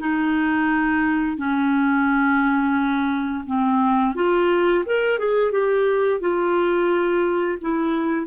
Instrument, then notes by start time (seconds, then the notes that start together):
clarinet
0.00 D#4
1.38 C#4
3.47 C4
4.16 F4
4.86 A#4
5.19 G#4
5.52 G4
6.21 F4
7.62 E4